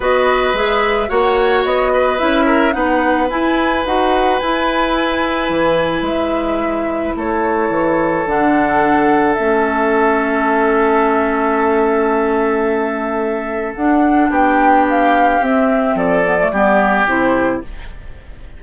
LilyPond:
<<
  \new Staff \with { instrumentName = "flute" } { \time 4/4 \tempo 4 = 109 dis''4 e''4 fis''4 dis''4 | e''4 fis''4 gis''4 fis''4 | gis''2. e''4~ | e''4 cis''2 fis''4~ |
fis''4 e''2.~ | e''1~ | e''4 fis''4 g''4 f''4 | e''4 d''2 c''4 | }
  \new Staff \with { instrumentName = "oboe" } { \time 4/4 b'2 cis''4. b'8~ | b'8 ais'8 b'2.~ | b'1~ | b'4 a'2.~ |
a'1~ | a'1~ | a'2 g'2~ | g'4 a'4 g'2 | }
  \new Staff \with { instrumentName = "clarinet" } { \time 4/4 fis'4 gis'4 fis'2 | e'4 dis'4 e'4 fis'4 | e'1~ | e'2. d'4~ |
d'4 cis'2.~ | cis'1~ | cis'4 d'2. | c'4. b16 a16 b4 e'4 | }
  \new Staff \with { instrumentName = "bassoon" } { \time 4/4 b4 gis4 ais4 b4 | cis'4 b4 e'4 dis'4 | e'2 e4 gis4~ | gis4 a4 e4 d4~ |
d4 a2.~ | a1~ | a4 d'4 b2 | c'4 f4 g4 c4 | }
>>